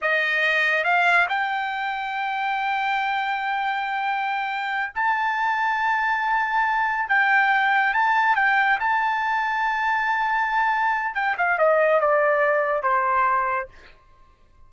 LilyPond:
\new Staff \with { instrumentName = "trumpet" } { \time 4/4 \tempo 4 = 140 dis''2 f''4 g''4~ | g''1~ | g''2.~ g''8 a''8~ | a''1~ |
a''8 g''2 a''4 g''8~ | g''8 a''2.~ a''8~ | a''2 g''8 f''8 dis''4 | d''2 c''2 | }